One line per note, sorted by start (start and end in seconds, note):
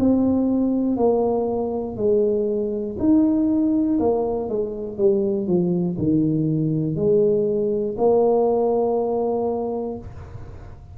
0.00 0.97 C4
0.97 1.97 A#3
1.97 2.97 G#3
3.00 4.00 D#4
4.00 4.49 A#3
4.49 4.98 G#3
4.98 5.48 G3
5.48 5.98 F3
5.98 6.96 D#3
6.96 7.96 G#3
7.98 9.98 A#3